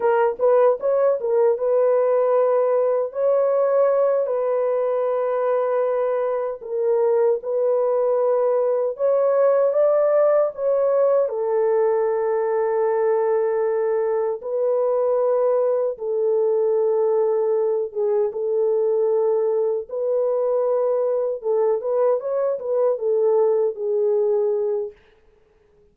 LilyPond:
\new Staff \with { instrumentName = "horn" } { \time 4/4 \tempo 4 = 77 ais'8 b'8 cis''8 ais'8 b'2 | cis''4. b'2~ b'8~ | b'8 ais'4 b'2 cis''8~ | cis''8 d''4 cis''4 a'4.~ |
a'2~ a'8 b'4.~ | b'8 a'2~ a'8 gis'8 a'8~ | a'4. b'2 a'8 | b'8 cis''8 b'8 a'4 gis'4. | }